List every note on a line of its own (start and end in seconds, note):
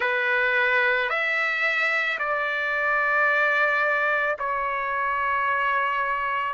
0.00 1.09 B4
1.09 2.18 E5
2.18 4.36 D5
4.38 6.54 C#5